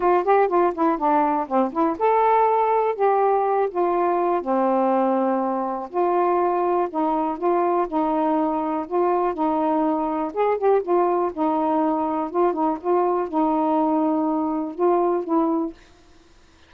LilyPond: \new Staff \with { instrumentName = "saxophone" } { \time 4/4 \tempo 4 = 122 f'8 g'8 f'8 e'8 d'4 c'8 e'8 | a'2 g'4. f'8~ | f'4 c'2. | f'2 dis'4 f'4 |
dis'2 f'4 dis'4~ | dis'4 gis'8 g'8 f'4 dis'4~ | dis'4 f'8 dis'8 f'4 dis'4~ | dis'2 f'4 e'4 | }